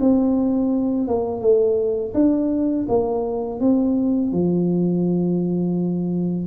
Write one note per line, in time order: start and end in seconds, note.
0.00 1.08 C4
1.08 1.41 A#3
1.41 2.13 A3
2.14 2.87 D4
2.89 3.60 A#3
3.60 4.32 C4
4.32 6.47 F3